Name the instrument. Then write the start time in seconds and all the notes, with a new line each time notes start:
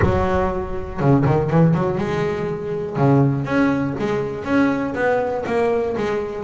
double bass
0.02 F#3
1.00 C#3
1.25 D#3
1.49 E3
1.74 F#3
1.97 G#3
2.96 C#3
3.44 C#4
3.99 G#3
4.44 C#4
4.94 B3
5.46 A#3
5.97 G#3